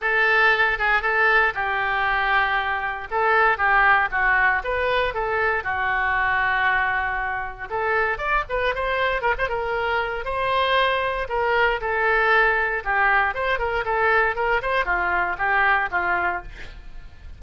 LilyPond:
\new Staff \with { instrumentName = "oboe" } { \time 4/4 \tempo 4 = 117 a'4. gis'8 a'4 g'4~ | g'2 a'4 g'4 | fis'4 b'4 a'4 fis'4~ | fis'2. a'4 |
d''8 b'8 c''4 ais'16 c''16 ais'4. | c''2 ais'4 a'4~ | a'4 g'4 c''8 ais'8 a'4 | ais'8 c''8 f'4 g'4 f'4 | }